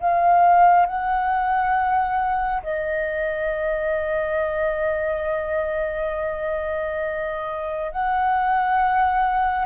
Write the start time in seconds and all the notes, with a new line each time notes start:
0.00 F5
0.86 F#5
2.63 D#5
7.91 F#5